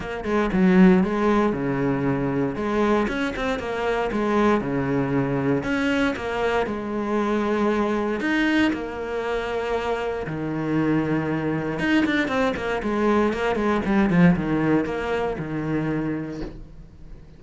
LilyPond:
\new Staff \with { instrumentName = "cello" } { \time 4/4 \tempo 4 = 117 ais8 gis8 fis4 gis4 cis4~ | cis4 gis4 cis'8 c'8 ais4 | gis4 cis2 cis'4 | ais4 gis2. |
dis'4 ais2. | dis2. dis'8 d'8 | c'8 ais8 gis4 ais8 gis8 g8 f8 | dis4 ais4 dis2 | }